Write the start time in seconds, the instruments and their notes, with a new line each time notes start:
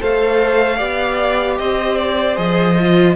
0.00 cello A3, viola A4, violin C5 F5
0.77 cello B3, viola G4, violin D5
1.58 cello C4, violin C5 D#5
1.97 violin D5
2.36 cello F3, viola G#4, violin D#5
2.80 viola F4